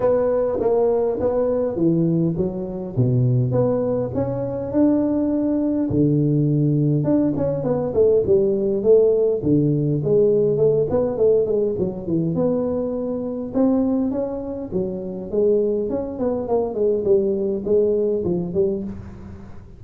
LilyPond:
\new Staff \with { instrumentName = "tuba" } { \time 4/4 \tempo 4 = 102 b4 ais4 b4 e4 | fis4 b,4 b4 cis'4 | d'2 d2 | d'8 cis'8 b8 a8 g4 a4 |
d4 gis4 a8 b8 a8 gis8 | fis8 e8 b2 c'4 | cis'4 fis4 gis4 cis'8 b8 | ais8 gis8 g4 gis4 f8 g8 | }